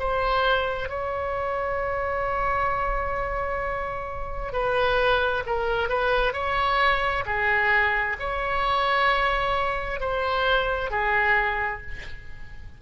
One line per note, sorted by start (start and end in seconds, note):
0.00 0.89 C5
0.89 4.53 C#5
4.53 5.44 B4
5.47 5.89 A#4
5.89 6.33 B4
6.33 7.24 C#5
7.26 8.17 G#4
8.20 10.01 C#5
10.01 10.91 C5
10.91 11.82 G#4